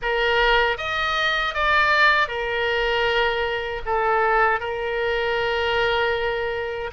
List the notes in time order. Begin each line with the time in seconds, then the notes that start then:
0.01 A#4
0.77 D#5
1.54 D5
2.27 A#4
3.85 A4
4.60 A#4